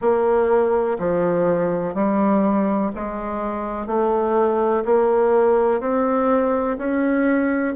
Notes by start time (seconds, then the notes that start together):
0.00 A#3
0.99 F3
1.94 G3
2.95 G#3
3.86 A3
4.85 A#3
5.80 C4
6.77 C#4